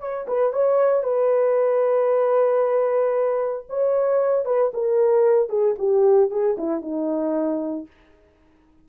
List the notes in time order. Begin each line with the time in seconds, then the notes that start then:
0.00 C#5
0.28 B4
0.53 C#5
1.03 B4
3.69 C#5
4.45 B4
4.74 A#4
5.49 G#4
5.78 G4
6.30 G#4
6.58 E4
6.82 D#4